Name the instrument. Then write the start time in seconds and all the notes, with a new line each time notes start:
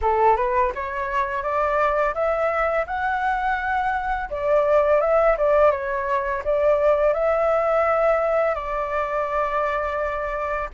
flute
0.01 A4
0.36 B4
0.75 C#5
1.42 D5
2.14 E5
2.86 F#5
4.30 D5
5.00 E5
5.37 D5
5.71 C#5
6.44 D5
7.13 E5
8.55 D5